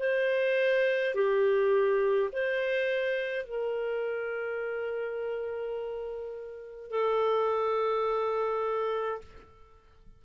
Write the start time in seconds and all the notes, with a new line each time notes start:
0.00 C5
1.15 G4
2.33 C5
3.45 A#4
6.91 A4